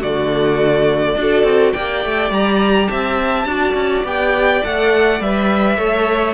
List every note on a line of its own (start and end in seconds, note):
0.00 1.16 D3
0.00 1.18 A3
0.00 1.15 F#4
0.00 1.73 D5
1.16 1.44 D4
1.16 1.76 F#4
1.16 1.73 A4
1.44 1.72 C4
1.73 2.05 A#3
1.73 3.48 G4
1.73 2.89 D5
1.73 2.30 G5
2.05 2.31 A3
2.31 2.88 G3
2.31 2.88 A#5
2.88 3.45 C4
2.88 3.48 E5
2.88 4.03 A5
3.45 3.74 D4
3.45 4.06 F#4
3.45 5.78 D5
3.74 4.03 C#4
4.04 4.62 B3
4.04 4.63 G4
4.04 4.64 G5
4.64 5.21 A3
4.64 5.22 A4
4.64 5.22 F#5
5.21 5.78 G3
5.21 5.78 B4
5.21 6.34 E5
5.78 6.34 A3
5.78 6.34 A4
5.78 6.34 C#5